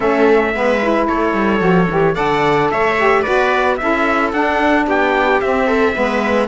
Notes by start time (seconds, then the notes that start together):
0.00 A3 C#4 A4 E5
0.54 G#3 B3 B4
0.82 E4
1.07 A3 A4 C#5
1.33 G3
1.59 F3 F#4
1.90 E3 G4
2.14 D3 A4 D5 F#5
2.70 A3 C#5 E5
2.98 G4
3.21 B3 F#4 B4 D5
3.76 C#4 E4 A4 E5
4.32 D4 F#5
4.86 B3 G4 G5
5.40 C4 E5
5.66 A4
5.94 G#3 B3 B4